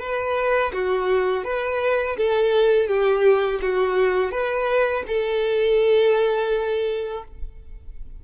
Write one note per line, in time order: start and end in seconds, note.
0.00 0.72 B4
0.73 1.45 F#4
1.45 2.17 B4
2.17 2.88 A4
2.88 3.60 G4
3.61 4.31 F#4
4.31 5.04 B4
5.07 7.24 A4